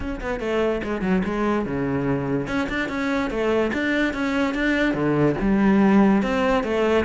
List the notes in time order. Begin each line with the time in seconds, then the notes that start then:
0.00 C#4
0.21 B3
0.39 A3
0.83 G#3
1.01 F#3
1.25 G#3
1.65 C#3
2.47 C#4
2.69 D4
2.89 C#4
3.30 A3
3.73 D4
4.13 C#4
4.54 D4
4.94 D3
5.40 G3
6.22 C4
6.63 A3